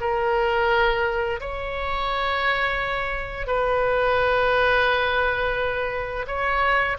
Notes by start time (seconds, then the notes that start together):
0.00 A#4
1.40 C#5
3.47 B4
6.27 C#5